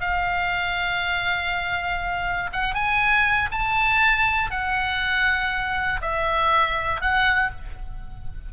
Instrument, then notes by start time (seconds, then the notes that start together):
oboe
0.00 F5
2.53 F#5
2.74 G#5
3.51 A5
4.51 F#5
6.01 E5
7.01 F#5